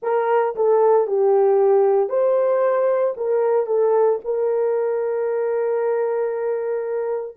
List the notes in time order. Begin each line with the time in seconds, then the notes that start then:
0.02 A#4
0.55 A4
1.07 G4
2.09 C5
3.16 A#4
3.66 A4
4.24 A#4